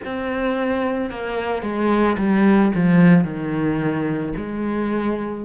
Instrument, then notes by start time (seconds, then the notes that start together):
cello
0.04 C4
1.10 A#3
1.62 G#3
2.17 G3
2.75 F3
3.24 D#3
4.36 G#3